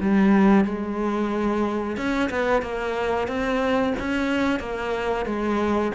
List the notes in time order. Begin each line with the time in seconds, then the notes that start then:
0.00 G3
0.65 G#3
1.97 C#4
2.30 B3
2.62 A#3
3.28 C4
3.99 C#4
4.59 A#3
5.26 G#3